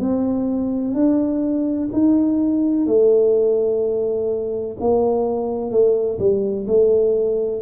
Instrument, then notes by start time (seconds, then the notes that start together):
tuba
0.00 C4
0.94 D4
1.93 D#4
2.87 A3
4.81 A#3
5.71 A3
6.19 G3
6.68 A3